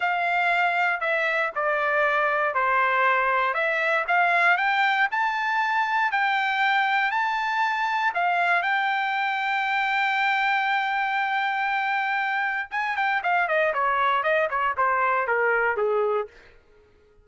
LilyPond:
\new Staff \with { instrumentName = "trumpet" } { \time 4/4 \tempo 4 = 118 f''2 e''4 d''4~ | d''4 c''2 e''4 | f''4 g''4 a''2 | g''2 a''2 |
f''4 g''2.~ | g''1~ | g''4 gis''8 g''8 f''8 dis''8 cis''4 | dis''8 cis''8 c''4 ais'4 gis'4 | }